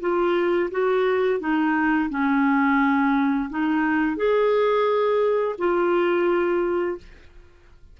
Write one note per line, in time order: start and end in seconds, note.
0.00 0.70 F4
0.71 1.40 F#4
1.40 2.09 D#4
2.10 3.49 C#4
3.49 4.16 D#4
4.16 5.56 G#4
5.58 6.98 F4